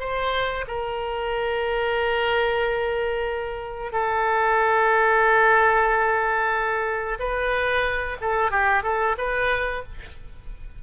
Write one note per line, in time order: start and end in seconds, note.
0.00 0.65 C5
0.68 3.92 A#4
3.92 7.19 A4
7.20 8.18 B4
8.21 8.51 A4
8.51 8.83 G4
8.83 9.16 A4
9.18 9.83 B4